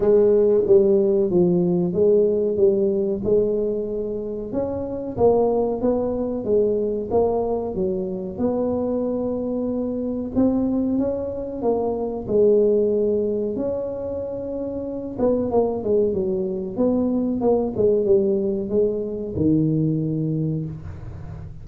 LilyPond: \new Staff \with { instrumentName = "tuba" } { \time 4/4 \tempo 4 = 93 gis4 g4 f4 gis4 | g4 gis2 cis'4 | ais4 b4 gis4 ais4 | fis4 b2. |
c'4 cis'4 ais4 gis4~ | gis4 cis'2~ cis'8 b8 | ais8 gis8 fis4 b4 ais8 gis8 | g4 gis4 dis2 | }